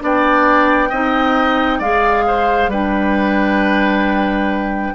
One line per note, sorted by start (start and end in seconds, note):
0.00 0.91 B3
0.00 0.90 D4
0.00 0.90 D5
0.00 1.81 G5
0.90 1.80 C4
0.90 1.82 D#4
0.90 1.79 D#5
1.79 2.68 G#3
1.79 2.72 G#4
1.79 2.24 D5
1.79 2.71 F5
2.27 2.70 C5
2.68 4.91 G3
2.68 4.95 D4
2.68 4.94 B4
2.68 4.95 G5